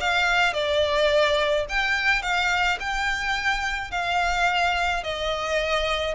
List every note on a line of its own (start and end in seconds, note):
0.00 0.53 F5
0.53 1.65 D5
1.69 2.22 G5
2.22 2.78 F5
2.79 3.91 G5
3.91 5.03 F5
5.03 6.15 D#5